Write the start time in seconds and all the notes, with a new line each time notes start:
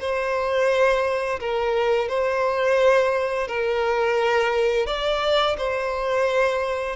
0.00 C5
1.40 A#4
2.09 C5
3.48 A#4
4.86 D5
5.58 C5